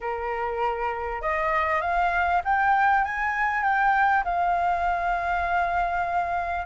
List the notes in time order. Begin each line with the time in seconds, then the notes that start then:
0.00 A#4
1.21 D#5
1.81 F5
2.44 G5
3.04 G#5
3.63 G5
4.24 F5